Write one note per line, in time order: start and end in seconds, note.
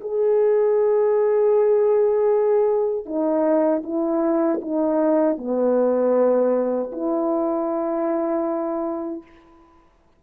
0.00 3.05 G#4
3.05 3.82 D#4
3.83 4.60 E4
4.61 5.37 D#4
5.37 6.91 B3
6.92 9.22 E4